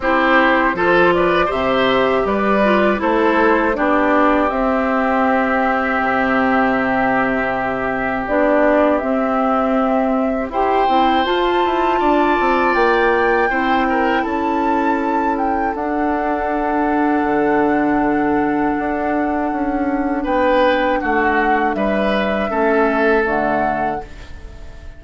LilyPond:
<<
  \new Staff \with { instrumentName = "flute" } { \time 4/4 \tempo 4 = 80 c''4. d''8 e''4 d''4 | c''4 d''4 e''2~ | e''2. d''4 | e''2 g''4 a''4~ |
a''4 g''2 a''4~ | a''8 g''8 fis''2.~ | fis''2. g''4 | fis''4 e''2 fis''4 | }
  \new Staff \with { instrumentName = "oboe" } { \time 4/4 g'4 a'8 b'8 c''4 b'4 | a'4 g'2.~ | g'1~ | g'2 c''2 |
d''2 c''8 ais'8 a'4~ | a'1~ | a'2. b'4 | fis'4 b'4 a'2 | }
  \new Staff \with { instrumentName = "clarinet" } { \time 4/4 e'4 f'4 g'4. f'8 | e'4 d'4 c'2~ | c'2. d'4 | c'2 g'8 e'8 f'4~ |
f'2 e'2~ | e'4 d'2.~ | d'1~ | d'2 cis'4 a4 | }
  \new Staff \with { instrumentName = "bassoon" } { \time 4/4 c'4 f4 c4 g4 | a4 b4 c'2 | c2. b4 | c'2 e'8 c'8 f'8 e'8 |
d'8 c'8 ais4 c'4 cis'4~ | cis'4 d'2 d4~ | d4 d'4 cis'4 b4 | a4 g4 a4 d4 | }
>>